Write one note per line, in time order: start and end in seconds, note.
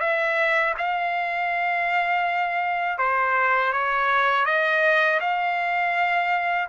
0.00 0.74 E5
0.78 2.98 F5
2.98 3.72 C5
3.72 4.45 C#5
4.45 5.20 D#5
5.20 6.68 F5